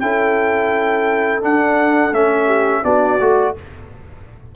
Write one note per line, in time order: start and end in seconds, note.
0.00 1.43 C#4
0.00 1.42 E4
0.00 2.46 A4
0.00 1.41 G5
1.42 2.12 D4
1.42 2.14 F#5
2.12 2.82 A3
2.12 2.84 C#4
2.12 2.85 E5
2.46 2.81 G4
2.84 3.19 B3
2.84 3.19 D4
2.84 3.55 F#4
2.84 3.55 D5
3.20 3.55 A3
3.20 3.56 F#4